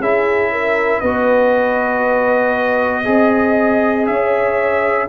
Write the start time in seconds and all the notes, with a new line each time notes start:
0.00 C#4 E4 G#4 E5
0.52 A#4
1.00 B3 F#4 B4 D#5
3.05 C4 G#4 D#5
4.07 C#4 C#5 E5